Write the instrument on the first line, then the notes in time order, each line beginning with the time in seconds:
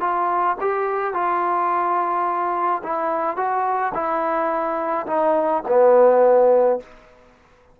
trombone
0.00 F4
0.60 G4
1.14 F4
2.83 E4
3.36 F#4
3.94 E4
5.07 D#4
5.68 B3